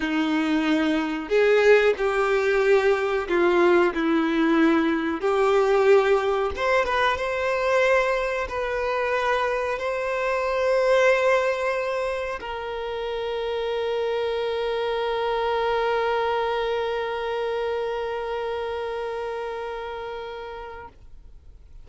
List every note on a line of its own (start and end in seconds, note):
0.00 1.28 D#4
1.28 1.94 G#4
1.97 3.28 G4
3.28 3.93 F4
3.93 5.20 E4
5.20 6.51 G4
6.55 6.85 C5
6.85 7.17 B4
7.17 8.47 C5
8.48 9.78 B4
9.78 12.39 C5
12.40 20.88 A#4